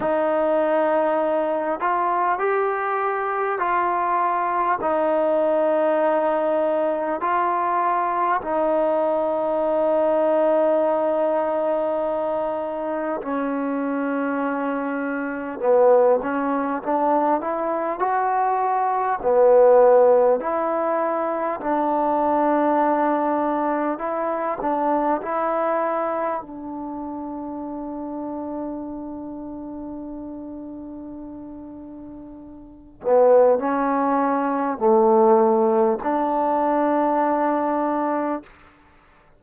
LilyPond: \new Staff \with { instrumentName = "trombone" } { \time 4/4 \tempo 4 = 50 dis'4. f'8 g'4 f'4 | dis'2 f'4 dis'4~ | dis'2. cis'4~ | cis'4 b8 cis'8 d'8 e'8 fis'4 |
b4 e'4 d'2 | e'8 d'8 e'4 d'2~ | d'2.~ d'8 b8 | cis'4 a4 d'2 | }